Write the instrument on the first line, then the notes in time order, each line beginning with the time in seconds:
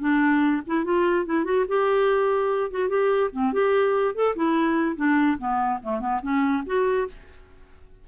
clarinet
0.00 D4
0.67 E4
0.84 F4
1.26 E4
1.44 F#4
1.68 G4
2.71 F#4
2.89 G4
3.32 C4
3.53 G4
4.15 A4
4.35 E4
4.96 D4
5.38 B3
5.83 A3
6.00 B3
6.22 C#4
6.66 F#4